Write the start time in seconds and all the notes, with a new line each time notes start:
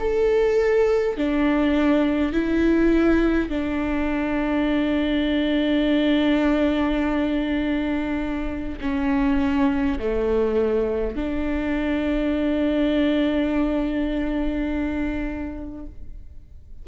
0.00 A4
1.18 D4
2.33 E4
3.50 D4
8.81 C#4
9.99 A3
11.16 D4